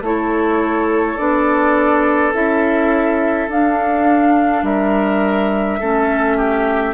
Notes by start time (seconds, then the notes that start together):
0.00 A3 E4 A4 C#5
1.17 B3 D4 D5
2.32 C#4 E4 E5
3.48 D4 F5
4.62 G3 A#4 E5
5.79 A3 C#4 A4
6.37 G4